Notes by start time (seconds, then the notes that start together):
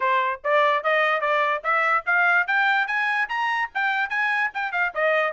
0.00 C5
0.44 D5
0.83 D#5
1.20 D5
1.63 E5
2.06 F5
2.47 G5
2.87 G#5
3.29 A#5
3.74 G5
4.09 G#5
4.54 G5
4.71 F5
4.94 D#5